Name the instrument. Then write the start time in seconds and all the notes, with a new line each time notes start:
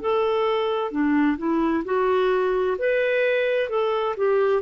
clarinet
0.00 A4
0.91 D4
1.37 E4
1.84 F#4
2.78 B4
3.69 A4
4.17 G4